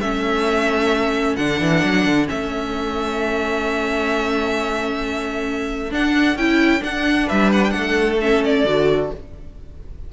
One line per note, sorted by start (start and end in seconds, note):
0.00 1.37 A3
0.00 1.38 C#4
0.00 7.27 A4
0.00 1.36 E5
1.36 1.60 D3
1.36 2.27 D4
1.36 2.27 F#5
1.60 1.83 E3
1.84 2.06 F#3
2.06 2.28 D3
2.27 5.92 A3
2.27 5.91 C#4
2.27 5.93 E5
5.91 6.36 D4
5.91 6.37 F#5
6.36 6.81 C#4
6.36 6.80 E4
6.36 6.83 G5
6.80 8.16 D4
6.80 7.29 D4
6.80 7.29 F#5
7.27 7.74 G3
7.27 7.72 B4
7.27 7.51 E5
7.53 7.64 F#5
7.64 7.70 G5
7.70 8.65 A3
7.70 9.11 A4
7.70 8.16 F#5
8.21 8.67 C#4
8.21 8.44 E5
8.45 9.13 D5
8.65 9.10 D3
8.65 9.12 F#4